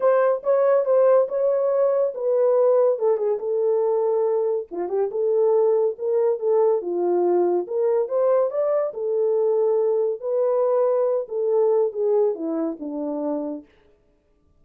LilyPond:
\new Staff \with { instrumentName = "horn" } { \time 4/4 \tempo 4 = 141 c''4 cis''4 c''4 cis''4~ | cis''4 b'2 a'8 gis'8 | a'2. f'8 g'8 | a'2 ais'4 a'4 |
f'2 ais'4 c''4 | d''4 a'2. | b'2~ b'8 a'4. | gis'4 e'4 d'2 | }